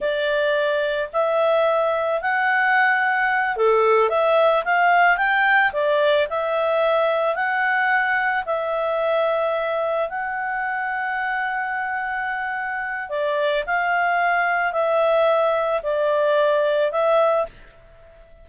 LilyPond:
\new Staff \with { instrumentName = "clarinet" } { \time 4/4 \tempo 4 = 110 d''2 e''2 | fis''2~ fis''8 a'4 e''8~ | e''8 f''4 g''4 d''4 e''8~ | e''4. fis''2 e''8~ |
e''2~ e''8 fis''4.~ | fis''1 | d''4 f''2 e''4~ | e''4 d''2 e''4 | }